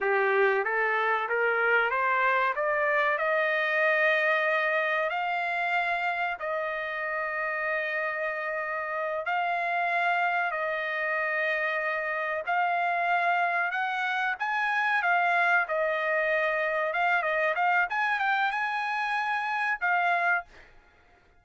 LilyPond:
\new Staff \with { instrumentName = "trumpet" } { \time 4/4 \tempo 4 = 94 g'4 a'4 ais'4 c''4 | d''4 dis''2. | f''2 dis''2~ | dis''2~ dis''8 f''4.~ |
f''8 dis''2. f''8~ | f''4. fis''4 gis''4 f''8~ | f''8 dis''2 f''8 dis''8 f''8 | gis''8 g''8 gis''2 f''4 | }